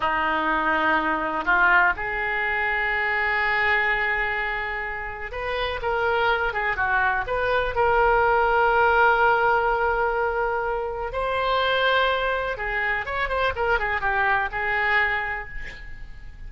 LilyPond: \new Staff \with { instrumentName = "oboe" } { \time 4/4 \tempo 4 = 124 dis'2. f'4 | gis'1~ | gis'2. b'4 | ais'4. gis'8 fis'4 b'4 |
ais'1~ | ais'2. c''4~ | c''2 gis'4 cis''8 c''8 | ais'8 gis'8 g'4 gis'2 | }